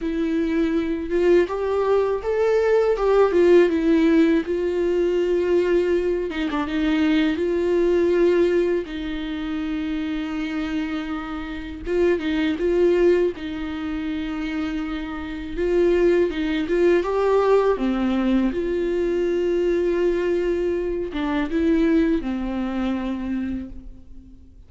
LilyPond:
\new Staff \with { instrumentName = "viola" } { \time 4/4 \tempo 4 = 81 e'4. f'8 g'4 a'4 | g'8 f'8 e'4 f'2~ | f'8 dis'16 d'16 dis'4 f'2 | dis'1 |
f'8 dis'8 f'4 dis'2~ | dis'4 f'4 dis'8 f'8 g'4 | c'4 f'2.~ | f'8 d'8 e'4 c'2 | }